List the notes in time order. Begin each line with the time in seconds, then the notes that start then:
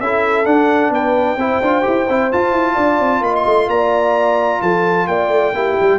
0.00 C#4 E4 A4 E5
0.45 D4 F#5
0.90 B3 B4 G5
1.36 C4 E4 C5
1.61 D4 F4
1.82 E4 G4
2.09 C4 E4
2.32 F4 A5
2.51 E4
2.74 D4 D5
3.00 C4
3.21 A#3 D#5 B5
3.35 C6
3.45 A3
3.68 A#3 D5 A#5
4.61 F3 A4 A5
5.07 A#3 D5 G5
5.29 A3
5.53 A#3 E4 G4
5.80 G3